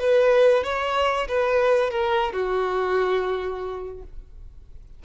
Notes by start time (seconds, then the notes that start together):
0.00 B4
0.64 C#5
1.28 B4
1.91 A#4
2.33 F#4